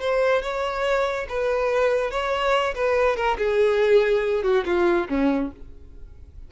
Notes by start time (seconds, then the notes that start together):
0.00 C5
0.42 C#5
1.29 B4
2.11 C#5
2.75 B4
3.16 A#4
3.38 G#4
4.43 F#4
4.65 F4
5.09 C#4